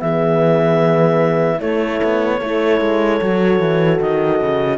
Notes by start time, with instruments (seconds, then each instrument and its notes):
0.00 cello E3, horn B3 G#4, clarinet E5
1.58 horn A3 E4, cello A3, clarinet C#5
2.04 cello B3
2.39 cello A3, horn E4 A4
2.81 cello G#3
3.21 cello F#3, horn F#4
3.60 cello E3
4.01 cello D#3, clarinet D#5
4.42 cello C#3